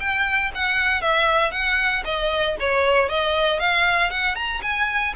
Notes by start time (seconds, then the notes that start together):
0.00 G5
0.55 F#5
1.02 E5
1.52 F#5
2.05 D#5
2.60 C#5
3.09 D#5
3.60 F5
4.11 F#5
4.36 A#5
4.62 G#5